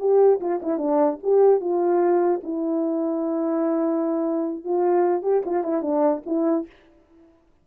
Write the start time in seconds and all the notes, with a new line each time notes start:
0.00 G4
0.41 F4
0.63 E4
0.78 D4
1.23 G4
1.61 F4
2.43 E4
4.65 F4
5.23 G4
5.46 F4
5.64 E4
5.82 D4
6.26 E4